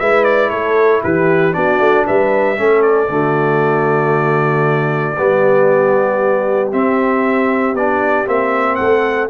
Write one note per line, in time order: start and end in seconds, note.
0.00 0.51 G#3
0.00 1.53 E4
0.00 0.50 B4
0.00 0.25 E5
0.25 0.50 D5
0.50 1.02 A3
0.50 1.02 A4
0.50 1.02 C#5
1.03 1.56 E3
1.03 1.55 G4
1.03 1.54 B4
1.53 1.80 B3
1.53 2.56 D4
1.53 2.06 F#4
1.53 2.06 D5
1.80 2.06 A3
2.06 2.59 G3
2.06 2.58 B4
2.06 2.83 E5
2.57 3.09 A3
2.57 3.08 C#4
2.57 3.12 A4
2.83 6.70 D5
3.09 5.16 D3
3.09 5.16 A3
3.09 5.19 F#4
5.18 6.74 G3
5.18 6.72 B3
5.18 8.79 G4
6.72 7.76 C4
6.72 7.74 C4
6.72 7.76 E5
7.74 8.26 B3
7.74 8.26 D4
7.74 8.28 D5
8.26 8.80 A#3
8.26 9.30 C4
8.26 8.76 E5
8.76 9.30 A3
8.76 9.30 A4
8.76 9.27 F#5